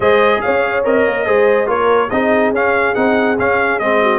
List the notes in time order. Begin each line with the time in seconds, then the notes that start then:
0.00 G#3 G#4 C5 D#5
0.41 C#4 C#5 F5
0.84 C4 A#4 D#5
1.06 A#3
1.26 G#3 G#4 C5
1.66 A#3 F4 A#4 C#5
2.09 C4 D#4 G#4 D#5
2.51 C#4 F5
2.94 C4 D#4 F#5
3.38 C#4 F5
3.79 G#3 C4 D#5
4.01 F#4